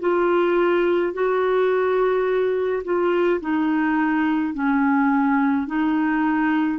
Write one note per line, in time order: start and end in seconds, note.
0.00 1.13 F4
1.13 2.83 F#4
2.84 3.41 F4
3.41 4.54 D#4
4.54 5.67 C#4
5.67 6.79 D#4